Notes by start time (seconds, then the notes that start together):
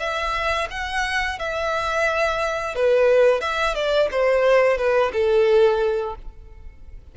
0.00 E5
0.71 F#5
1.39 E5
2.76 B4
3.41 E5
3.75 D5
4.12 C5
4.78 B4
5.13 A4